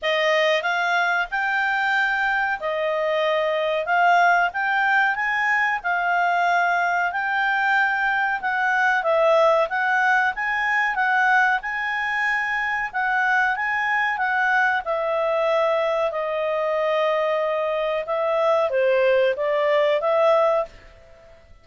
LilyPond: \new Staff \with { instrumentName = "clarinet" } { \time 4/4 \tempo 4 = 93 dis''4 f''4 g''2 | dis''2 f''4 g''4 | gis''4 f''2 g''4~ | g''4 fis''4 e''4 fis''4 |
gis''4 fis''4 gis''2 | fis''4 gis''4 fis''4 e''4~ | e''4 dis''2. | e''4 c''4 d''4 e''4 | }